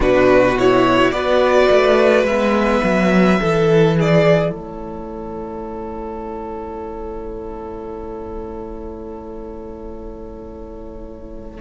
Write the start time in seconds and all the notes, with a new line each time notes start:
0.00 B2 D4 F#4 B4
0.58 E4 C#5
1.11 B3 F#4 B4 D5
1.71 A3
2.23 G#3 B3 E5
2.83 F#3
3.39 E3 E4 A4
3.97 G#4 D5
4.50 A3 A4 C#5